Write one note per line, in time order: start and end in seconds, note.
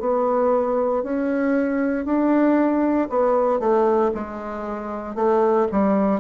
0.00 1.03 B3
1.03 2.05 C#4
2.05 3.08 D4
3.10 3.59 B3
3.59 4.11 A3
4.14 5.15 G#3
5.15 5.67 A3
5.71 6.20 G3